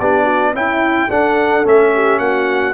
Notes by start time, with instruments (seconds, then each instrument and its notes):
0.00 tuba B3, trombone D4, horn G4, trumpet D5
0.25 horn F#4
0.54 tuba C#4, trombone E4, horn E4, trumpet G5
1.10 tuba D4, trombone D4, horn A4, trumpet F#5
1.65 tuba A3, trombone C#4, trumpet E5
1.94 horn G4
2.19 tuba A#3, horn F#4, trumpet F#5